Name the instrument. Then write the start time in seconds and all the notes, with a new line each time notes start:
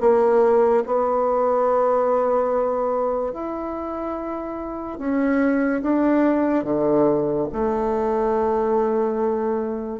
bassoon
0.00 A#3
0.86 B3
3.33 E4
4.98 C#4
5.82 D4
6.64 D3
7.52 A3